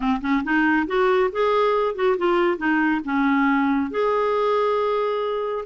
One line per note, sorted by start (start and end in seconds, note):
0.00 0.20 C4
0.21 0.43 C#4
0.43 0.87 D#4
0.87 1.30 F#4
1.32 1.95 G#4
1.95 2.17 F#4
2.17 2.57 F4
2.57 3.01 D#4
3.04 3.90 C#4
3.90 5.64 G#4